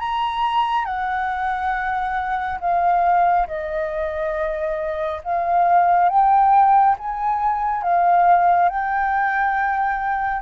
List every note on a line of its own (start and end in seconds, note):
0.00 0.85 A#5
0.85 2.59 F#5
2.60 3.47 F5
3.48 5.22 D#5
5.24 6.09 F5
6.09 6.96 G5
6.98 7.83 G#5
7.83 8.70 F5
8.70 10.43 G5